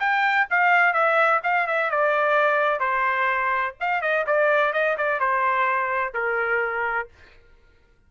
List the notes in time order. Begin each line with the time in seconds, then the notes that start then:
0.00 G5
0.50 F5
0.94 E5
1.43 F5
1.67 E5
1.91 D5
2.80 C5
3.80 F5
4.01 D#5
4.27 D5
4.73 D#5
4.98 D5
5.20 C5
6.14 A#4